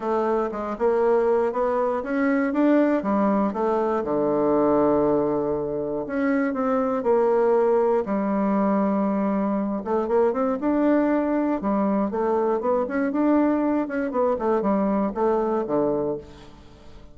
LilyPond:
\new Staff \with { instrumentName = "bassoon" } { \time 4/4 \tempo 4 = 119 a4 gis8 ais4. b4 | cis'4 d'4 g4 a4 | d1 | cis'4 c'4 ais2 |
g2.~ g8 a8 | ais8 c'8 d'2 g4 | a4 b8 cis'8 d'4. cis'8 | b8 a8 g4 a4 d4 | }